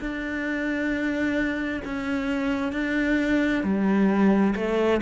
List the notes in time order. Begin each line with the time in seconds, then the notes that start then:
0.00 D4
1.85 C#4
2.72 D4
3.63 G3
4.55 A3